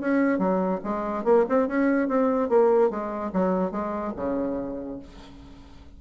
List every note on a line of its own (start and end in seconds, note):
0.00 0.38 C#4
0.38 0.80 F#3
0.84 1.24 G#3
1.24 1.45 A#3
1.49 1.68 C4
1.68 2.08 C#4
2.08 2.49 C4
2.49 2.90 A#3
2.90 3.31 G#3
3.33 3.71 F#3
3.71 4.13 G#3
4.16 4.99 C#3